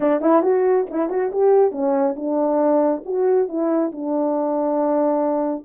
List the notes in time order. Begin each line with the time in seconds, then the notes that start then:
0.00 D4
0.21 E4
0.42 F#4
0.90 E4
1.09 F#4
1.32 G4
1.71 C#4
2.16 D4
3.05 F#4
3.48 E4
3.92 D4